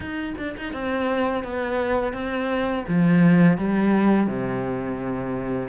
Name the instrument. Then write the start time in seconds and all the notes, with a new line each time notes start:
cello
0.00 D#4
0.37 D4
0.57 D#4
0.73 C4
1.43 B3
2.13 C4
2.88 F3
3.57 G3
4.27 C3